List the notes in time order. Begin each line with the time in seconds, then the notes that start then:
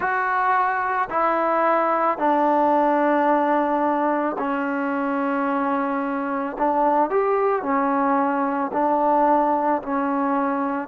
0.00 F#4
1.10 E4
2.18 D4
4.38 C#4
6.58 D4
7.10 G4
7.62 C#4
8.73 D4
9.82 C#4